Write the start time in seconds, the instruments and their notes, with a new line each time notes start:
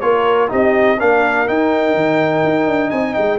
0.00 tuba A#3, trombone F4, horn A#4, trumpet C#5
0.48 tuba C4, trombone D#4, horn G4, trumpet D#5
0.98 tuba A#3, trombone D4, horn A#4, trumpet F5
1.47 trombone D#4, tuba D#4, trumpet G5
1.94 tuba D#3
2.43 tuba D#4
2.66 tuba D4
2.90 tuba C4, horn D#5, trumpet G#5
3.14 tuba G#3, trumpet G5